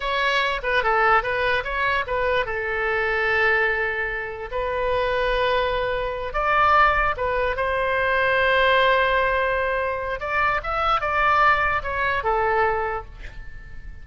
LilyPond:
\new Staff \with { instrumentName = "oboe" } { \time 4/4 \tempo 4 = 147 cis''4. b'8 a'4 b'4 | cis''4 b'4 a'2~ | a'2. b'4~ | b'2.~ b'8 d''8~ |
d''4. b'4 c''4.~ | c''1~ | c''4 d''4 e''4 d''4~ | d''4 cis''4 a'2 | }